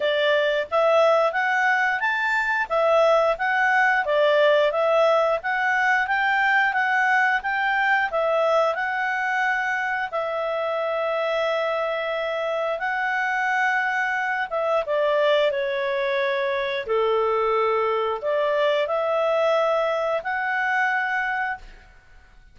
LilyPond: \new Staff \with { instrumentName = "clarinet" } { \time 4/4 \tempo 4 = 89 d''4 e''4 fis''4 a''4 | e''4 fis''4 d''4 e''4 | fis''4 g''4 fis''4 g''4 | e''4 fis''2 e''4~ |
e''2. fis''4~ | fis''4. e''8 d''4 cis''4~ | cis''4 a'2 d''4 | e''2 fis''2 | }